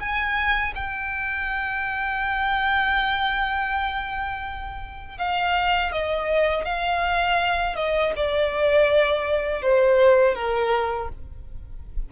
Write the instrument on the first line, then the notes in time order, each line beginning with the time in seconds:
violin
0.00 G#5
0.76 G5
5.19 F5
5.93 D#5
6.65 F5
7.76 D#5
8.16 D5
9.62 C5
10.35 A#4